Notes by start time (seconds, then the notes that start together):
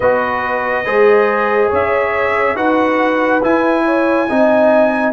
0.00 B3 F#4 B4 D#5
0.84 G#3 G#4 C5
1.69 C#4 C#5 E5
2.55 D#4 F#4 B4 F#5
3.42 E4 G#5
3.85 C#5
4.29 C4 D#4 D#5